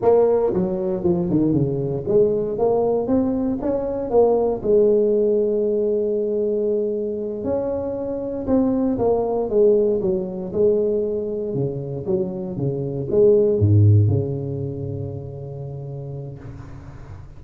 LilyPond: \new Staff \with { instrumentName = "tuba" } { \time 4/4 \tempo 4 = 117 ais4 fis4 f8 dis8 cis4 | gis4 ais4 c'4 cis'4 | ais4 gis2.~ | gis2~ gis8 cis'4.~ |
cis'8 c'4 ais4 gis4 fis8~ | fis8 gis2 cis4 fis8~ | fis8 cis4 gis4 gis,4 cis8~ | cis1 | }